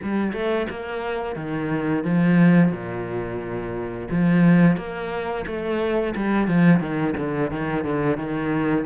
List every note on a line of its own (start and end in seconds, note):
0.02 0.32 G3
0.32 0.66 A3
0.69 1.35 A#3
1.35 2.03 D#3
2.03 2.71 F3
2.71 4.08 A#2
4.10 4.77 F3
4.77 5.45 A#3
5.46 6.14 A3
6.15 6.47 G3
6.47 6.80 F3
6.80 7.14 D#3
7.17 7.50 D3
7.50 7.84 D#3
7.84 8.17 D3
8.17 8.85 D#3